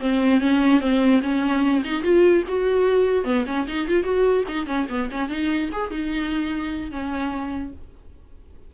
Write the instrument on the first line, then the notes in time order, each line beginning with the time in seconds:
viola
0.00 C4
0.40 C#4
0.80 C4
1.22 C#4
1.84 D#4
2.03 F4
2.48 F#4
3.24 B3
3.46 C#4
3.67 D#4
3.88 F4
4.04 F#4
4.48 D#4
4.66 C#4
4.89 B3
5.11 C#4
5.29 D#4
5.72 G#4
5.91 D#4
6.91 C#4